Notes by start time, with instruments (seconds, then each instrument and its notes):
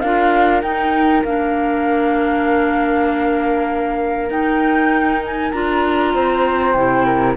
0.00 cello D4, clarinet F4, flute A#4 F5
0.62 cello D#4, clarinet D#4, flute G5
1.24 cello A#3, clarinet D4, flute F5
4.30 cello D#4, clarinet D#4, flute G5
5.25 flute G#5
5.51 cello D4, clarinet F4, flute A#5
6.14 cello C4, flute C5
6.72 cello C3, clarinet E4, flute G5
7.05 flute A#4